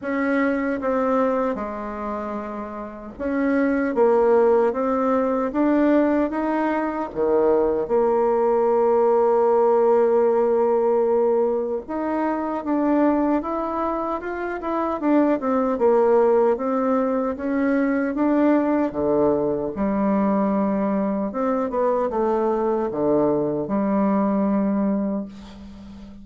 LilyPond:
\new Staff \with { instrumentName = "bassoon" } { \time 4/4 \tempo 4 = 76 cis'4 c'4 gis2 | cis'4 ais4 c'4 d'4 | dis'4 dis4 ais2~ | ais2. dis'4 |
d'4 e'4 f'8 e'8 d'8 c'8 | ais4 c'4 cis'4 d'4 | d4 g2 c'8 b8 | a4 d4 g2 | }